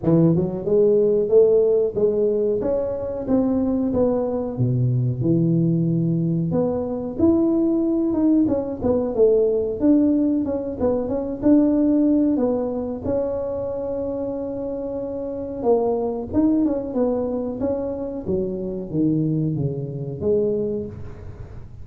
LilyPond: \new Staff \with { instrumentName = "tuba" } { \time 4/4 \tempo 4 = 92 e8 fis8 gis4 a4 gis4 | cis'4 c'4 b4 b,4 | e2 b4 e'4~ | e'8 dis'8 cis'8 b8 a4 d'4 |
cis'8 b8 cis'8 d'4. b4 | cis'1 | ais4 dis'8 cis'8 b4 cis'4 | fis4 dis4 cis4 gis4 | }